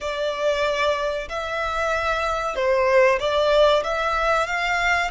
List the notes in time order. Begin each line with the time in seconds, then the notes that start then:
0.00 D5
1.28 E5
2.55 C5
3.19 D5
3.83 E5
4.47 F5